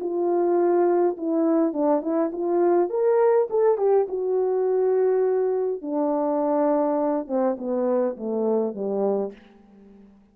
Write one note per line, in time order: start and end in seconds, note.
0.00 1.17 F4
1.17 1.73 E4
1.73 2.02 D4
2.02 2.31 E4
2.32 2.89 F4
2.89 3.48 A#4
3.50 3.78 A4
3.78 4.07 G4
4.08 5.81 F#4
5.81 7.27 D4
7.27 7.56 C4
7.58 8.16 B3
8.17 8.74 A3
8.74 9.32 G3